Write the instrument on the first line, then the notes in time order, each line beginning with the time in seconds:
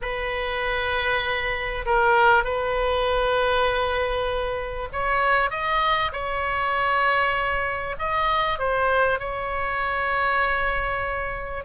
oboe
0.01 B4
1.85 A#4
2.44 B4
4.92 C#5
5.50 D#5
6.12 C#5
7.98 D#5
8.59 C5
9.19 C#5